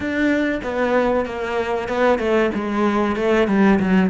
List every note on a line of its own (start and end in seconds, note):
0.00 0.60 D4
0.63 1.25 B3
1.25 1.88 A#3
1.88 2.18 B3
2.18 2.50 A3
2.54 3.16 G#3
3.16 3.47 A3
3.47 3.79 G3
3.79 4.09 F#3